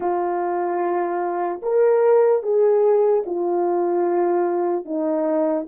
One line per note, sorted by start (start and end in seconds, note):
0.00 1.60 F4
1.62 2.42 A#4
2.42 3.23 G#4
3.26 4.85 F4
4.85 5.66 D#4